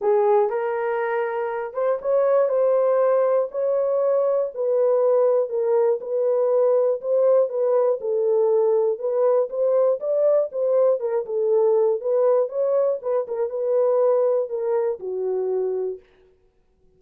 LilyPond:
\new Staff \with { instrumentName = "horn" } { \time 4/4 \tempo 4 = 120 gis'4 ais'2~ ais'8 c''8 | cis''4 c''2 cis''4~ | cis''4 b'2 ais'4 | b'2 c''4 b'4 |
a'2 b'4 c''4 | d''4 c''4 ais'8 a'4. | b'4 cis''4 b'8 ais'8 b'4~ | b'4 ais'4 fis'2 | }